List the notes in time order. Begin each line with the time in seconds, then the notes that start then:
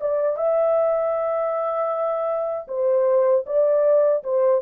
0.00 D5
0.37 E5
2.68 C5
3.46 D5
4.23 C5